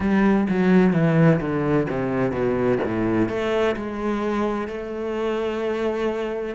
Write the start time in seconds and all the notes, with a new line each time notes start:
0.00 G3
0.49 F#3
0.93 E3
1.40 D3
1.89 C3
2.31 B2
2.84 A2
3.28 A3
3.75 G#3
4.67 A3